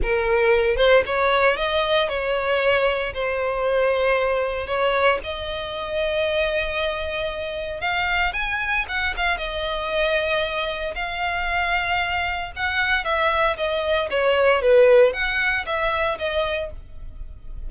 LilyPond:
\new Staff \with { instrumentName = "violin" } { \time 4/4 \tempo 4 = 115 ais'4. c''8 cis''4 dis''4 | cis''2 c''2~ | c''4 cis''4 dis''2~ | dis''2. f''4 |
gis''4 fis''8 f''8 dis''2~ | dis''4 f''2. | fis''4 e''4 dis''4 cis''4 | b'4 fis''4 e''4 dis''4 | }